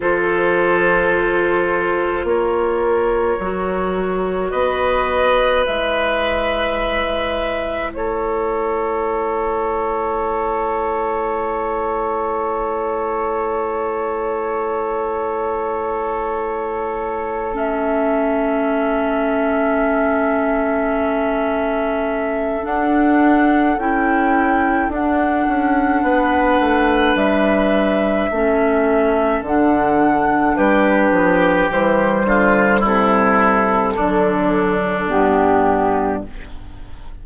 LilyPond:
<<
  \new Staff \with { instrumentName = "flute" } { \time 4/4 \tempo 4 = 53 c''2 cis''2 | dis''4 e''2 cis''4~ | cis''1~ | cis''2.~ cis''8 e''8~ |
e''1 | fis''4 g''4 fis''2 | e''2 fis''4 b'4 | c''4 a'2 g'4 | }
  \new Staff \with { instrumentName = "oboe" } { \time 4/4 a'2 ais'2 | b'2. a'4~ | a'1~ | a'1~ |
a'1~ | a'2. b'4~ | b'4 a'2 g'4~ | g'8 f'8 e'4 d'2 | }
  \new Staff \with { instrumentName = "clarinet" } { \time 4/4 f'2. fis'4~ | fis'4 e'2.~ | e'1~ | e'2.~ e'8 cis'8~ |
cis'1 | d'4 e'4 d'2~ | d'4 cis'4 d'2 | g2 fis4 b4 | }
  \new Staff \with { instrumentName = "bassoon" } { \time 4/4 f2 ais4 fis4 | b4 gis2 a4~ | a1~ | a1~ |
a1 | d'4 cis'4 d'8 cis'8 b8 a8 | g4 a4 d4 g8 f8 | e8 d8 c4 d4 g,4 | }
>>